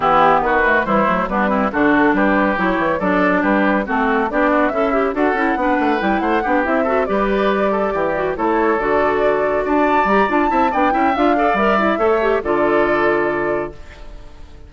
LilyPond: <<
  \new Staff \with { instrumentName = "flute" } { \time 4/4 \tempo 4 = 140 g'4 b'4 c''4 b'4 | a'4 b'4 cis''4 d''4 | b'4 a'4 d''4 e''4 | fis''2 g''8 fis''4 e''8~ |
e''8 d''2. cis''8~ | cis''8 d''2 a''4 ais''8 | a''4 g''4 f''4 e''4~ | e''4 d''2. | }
  \new Staff \with { instrumentName = "oboe" } { \time 4/4 e'4 fis'4 e'4 d'8 e'8 | fis'4 g'2 a'4 | g'4 fis'4 g'8 fis'8 e'4 | a'4 b'4. c''8 g'4 |
a'8 b'4. a'8 g'4 a'8~ | a'2~ a'8 d''4.~ | d''8 e''8 d''8 e''4 d''4. | cis''4 a'2. | }
  \new Staff \with { instrumentName = "clarinet" } { \time 4/4 b4. a8 g8 a8 b8 c'8 | d'2 e'4 d'4~ | d'4 c'4 d'4 a'8 g'8 | fis'8 e'8 d'4 e'4 d'8 e'8 |
fis'8 g'2~ g'8 fis'8 e'8~ | e'8 fis'2. g'8 | f'8 e'8 d'8 e'8 f'8 a'8 ais'8 e'8 | a'8 g'8 f'2. | }
  \new Staff \with { instrumentName = "bassoon" } { \time 4/4 e4 dis4 e8 fis8 g4 | d4 g4 fis8 e8 fis4 | g4 a4 b4 cis'4 | d'8 cis'8 b8 a8 g8 a8 b8 c'8~ |
c'8 g2 e4 a8~ | a8 d2 d'4 g8 | d'8 c'8 b8 cis'8 d'4 g4 | a4 d2. | }
>>